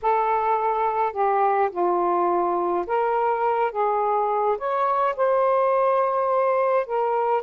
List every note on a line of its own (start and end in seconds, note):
0.02 1.12 A4
1.12 1.70 G4
1.71 2.85 F4
2.86 3.71 A#4
3.71 4.57 G#4
4.58 5.15 C#5
5.16 6.86 C5
6.86 7.42 A#4